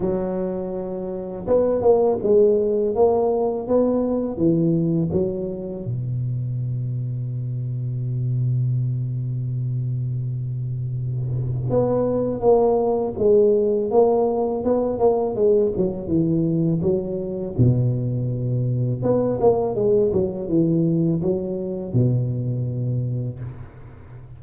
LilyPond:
\new Staff \with { instrumentName = "tuba" } { \time 4/4 \tempo 4 = 82 fis2 b8 ais8 gis4 | ais4 b4 e4 fis4 | b,1~ | b,1 |
b4 ais4 gis4 ais4 | b8 ais8 gis8 fis8 e4 fis4 | b,2 b8 ais8 gis8 fis8 | e4 fis4 b,2 | }